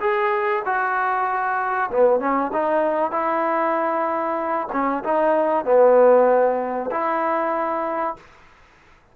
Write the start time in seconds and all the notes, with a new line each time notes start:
0.00 G#4
0.65 F#4
1.91 B3
2.20 C#4
2.53 D#4
3.11 E4
4.72 C#4
5.04 D#4
5.65 B3
6.91 E4